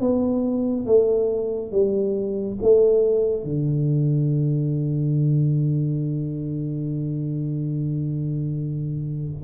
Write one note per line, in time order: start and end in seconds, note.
0.00 0.86 B3
0.86 1.71 A3
1.71 2.57 G3
2.62 3.43 A3
3.43 9.43 D3